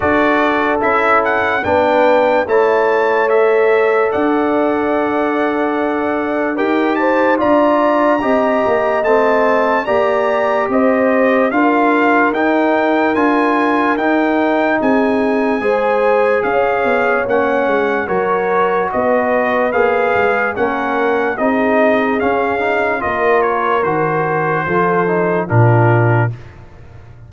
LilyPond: <<
  \new Staff \with { instrumentName = "trumpet" } { \time 4/4 \tempo 4 = 73 d''4 e''8 fis''8 g''4 a''4 | e''4 fis''2. | g''8 a''8 ais''2 a''4 | ais''4 dis''4 f''4 g''4 |
gis''4 g''4 gis''2 | f''4 fis''4 cis''4 dis''4 | f''4 fis''4 dis''4 f''4 | dis''8 cis''8 c''2 ais'4 | }
  \new Staff \with { instrumentName = "horn" } { \time 4/4 a'2 b'4 cis''4~ | cis''4 d''2. | ais'8 c''8 d''4 dis''2 | d''4 c''4 ais'2~ |
ais'2 gis'4 c''4 | cis''2 ais'4 b'4~ | b'4 ais'4 gis'2 | ais'2 a'4 f'4 | }
  \new Staff \with { instrumentName = "trombone" } { \time 4/4 fis'4 e'4 d'4 e'4 | a'1 | g'4 f'4 g'4 c'4 | g'2 f'4 dis'4 |
f'4 dis'2 gis'4~ | gis'4 cis'4 fis'2 | gis'4 cis'4 dis'4 cis'8 dis'8 | f'4 fis'4 f'8 dis'8 d'4 | }
  \new Staff \with { instrumentName = "tuba" } { \time 4/4 d'4 cis'4 b4 a4~ | a4 d'2. | dis'4 d'4 c'8 ais8 a4 | ais4 c'4 d'4 dis'4 |
d'4 dis'4 c'4 gis4 | cis'8 b8 ais8 gis8 fis4 b4 | ais8 gis8 ais4 c'4 cis'4 | ais4 dis4 f4 ais,4 | }
>>